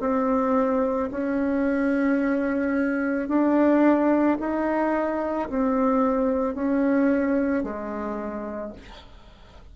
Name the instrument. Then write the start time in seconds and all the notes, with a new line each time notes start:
bassoon
0.00 C4
1.11 C#4
3.28 D4
4.40 D#4
5.49 C4
6.55 C#4
7.63 G#3